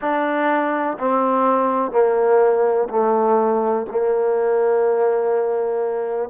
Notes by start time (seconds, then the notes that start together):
0.00 D4
0.98 C4
1.91 A#3
2.89 A3
3.90 A#3